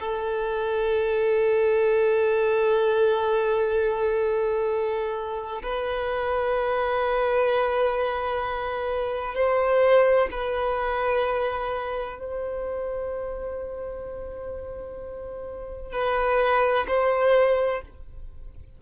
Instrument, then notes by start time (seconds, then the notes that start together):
violin
0.00 A4
5.63 B4
9.35 C5
10.32 B4
12.19 C5
15.93 B4
16.88 C5